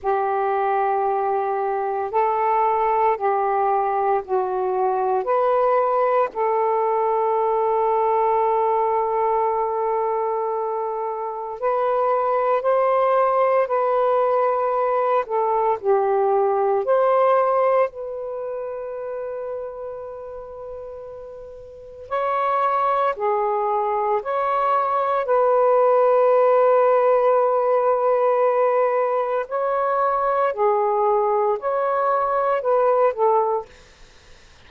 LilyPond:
\new Staff \with { instrumentName = "saxophone" } { \time 4/4 \tempo 4 = 57 g'2 a'4 g'4 | fis'4 b'4 a'2~ | a'2. b'4 | c''4 b'4. a'8 g'4 |
c''4 b'2.~ | b'4 cis''4 gis'4 cis''4 | b'1 | cis''4 gis'4 cis''4 b'8 a'8 | }